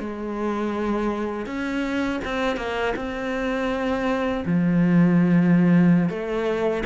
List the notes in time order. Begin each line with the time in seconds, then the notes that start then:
0.00 G#3
1.46 C#4
2.25 C4
2.57 A#3
2.96 C4
4.46 F3
6.09 A3